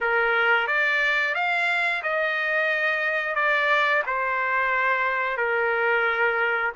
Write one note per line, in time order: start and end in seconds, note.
0.00 0.67 A#4
0.67 1.34 D5
1.35 2.02 F5
2.02 3.35 D#5
3.35 4.02 D5
4.06 5.37 C5
5.37 6.71 A#4